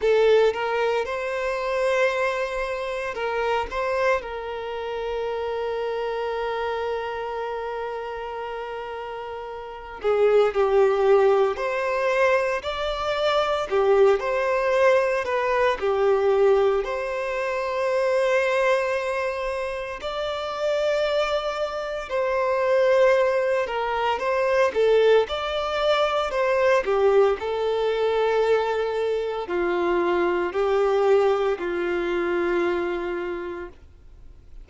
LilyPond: \new Staff \with { instrumentName = "violin" } { \time 4/4 \tempo 4 = 57 a'8 ais'8 c''2 ais'8 c''8 | ais'1~ | ais'4. gis'8 g'4 c''4 | d''4 g'8 c''4 b'8 g'4 |
c''2. d''4~ | d''4 c''4. ais'8 c''8 a'8 | d''4 c''8 g'8 a'2 | f'4 g'4 f'2 | }